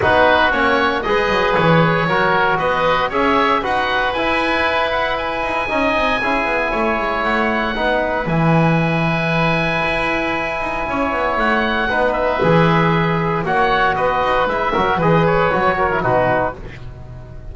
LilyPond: <<
  \new Staff \with { instrumentName = "oboe" } { \time 4/4 \tempo 4 = 116 b'4 cis''4 dis''4 cis''4~ | cis''4 dis''4 e''4 fis''4 | gis''4. fis''8 gis''2~ | gis''2 fis''2 |
gis''1~ | gis''2 fis''4. e''8~ | e''2 fis''4 dis''4 | e''4 dis''8 cis''4. b'4 | }
  \new Staff \with { instrumentName = "oboe" } { \time 4/4 fis'2 b'2 | ais'4 b'4 cis''4 b'4~ | b'2. dis''4 | gis'4 cis''2 b'4~ |
b'1~ | b'4 cis''2 b'4~ | b'2 cis''4 b'4~ | b'8 ais'8 b'4. ais'8 fis'4 | }
  \new Staff \with { instrumentName = "trombone" } { \time 4/4 dis'4 cis'4 gis'2 | fis'2 gis'4 fis'4 | e'2. dis'4 | e'2. dis'4 |
e'1~ | e'2. dis'4 | gis'2 fis'2 | e'8 fis'8 gis'4 fis'8. e'16 dis'4 | }
  \new Staff \with { instrumentName = "double bass" } { \time 4/4 b4 ais4 gis8 fis8 e4 | fis4 b4 cis'4 dis'4 | e'2~ e'8 dis'8 cis'8 c'8 | cis'8 b8 a8 gis8 a4 b4 |
e2. e'4~ | e'8 dis'8 cis'8 b8 a4 b4 | e2 ais4 b8 dis'8 | gis8 fis8 e4 fis4 b,4 | }
>>